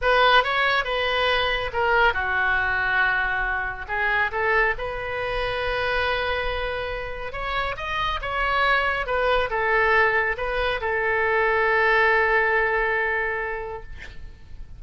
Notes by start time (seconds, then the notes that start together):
0.01 B4
0.43 C#5
0.84 B4
1.72 A#4
2.13 F#4
3.88 G#4
4.31 A4
4.78 B4
7.32 C#5
7.76 D#5
8.21 C#5
9.06 B4
9.50 A4
10.37 B4
10.80 A4